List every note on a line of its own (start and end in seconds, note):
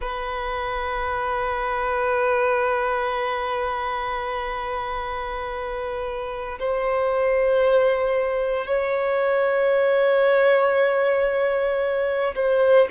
0.00 6.58 B4
6.59 8.66 C5
8.66 12.34 C#5
12.35 12.88 C5